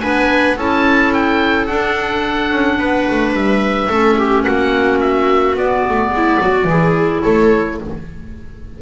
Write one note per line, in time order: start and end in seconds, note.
0.00 0.57 B3
0.00 0.56 D4
0.00 0.56 B4
0.00 0.56 G#5
0.56 1.68 C#4
0.56 1.68 E4
0.56 2.78 A4
0.56 1.13 A5
1.13 1.67 G5
1.67 3.90 D4
1.67 2.52 D4
1.67 3.33 F#5
2.52 2.78 C#4
2.78 3.06 B3
2.78 3.89 B4
3.11 3.33 A3
3.33 3.88 G3
3.33 4.43 E5
3.89 4.45 A3
3.89 5.56 C#4
3.89 4.17 A4
4.18 4.44 G4
4.43 5.55 A#3
4.43 6.10 F#4
4.43 4.98 F#5
5.00 5.56 E5
5.55 5.83 B3
5.55 6.67 B3
5.55 7.22 D5
5.89 6.10 A3
6.10 6.37 G#3
6.17 6.41 E4
6.40 6.65 F#3
6.40 6.68 F#4
6.65 7.20 E3
6.65 7.81 E4
6.65 7.23 G#4
7.22 7.81 A3
7.22 7.78 A4
7.22 7.77 C#5